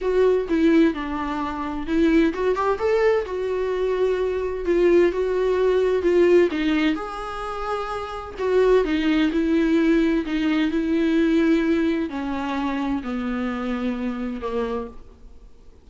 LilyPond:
\new Staff \with { instrumentName = "viola" } { \time 4/4 \tempo 4 = 129 fis'4 e'4 d'2 | e'4 fis'8 g'8 a'4 fis'4~ | fis'2 f'4 fis'4~ | fis'4 f'4 dis'4 gis'4~ |
gis'2 fis'4 dis'4 | e'2 dis'4 e'4~ | e'2 cis'2 | b2. ais4 | }